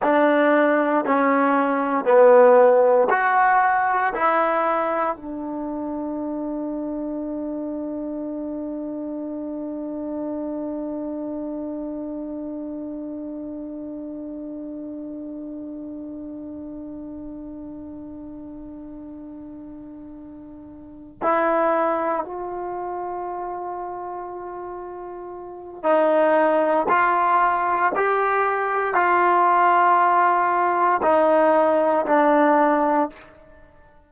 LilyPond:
\new Staff \with { instrumentName = "trombone" } { \time 4/4 \tempo 4 = 58 d'4 cis'4 b4 fis'4 | e'4 d'2.~ | d'1~ | d'1~ |
d'1~ | d'8 e'4 f'2~ f'8~ | f'4 dis'4 f'4 g'4 | f'2 dis'4 d'4 | }